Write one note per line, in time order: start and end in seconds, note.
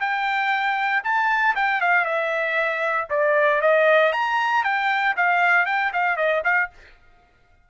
0.00 1.03 G5
1.04 1.55 A5
1.55 1.81 G5
1.81 2.05 F5
2.05 3.07 E5
3.10 3.61 D5
3.61 4.12 D#5
4.13 4.64 A#5
4.64 5.15 G5
5.16 5.66 F5
5.66 5.91 G5
5.93 6.16 F5
6.16 6.42 D#5
6.44 6.70 F5